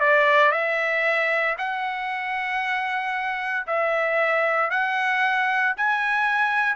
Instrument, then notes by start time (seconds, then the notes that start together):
trumpet
0.00 D5
0.51 E5
1.58 F#5
3.67 E5
4.71 F#5
5.77 G#5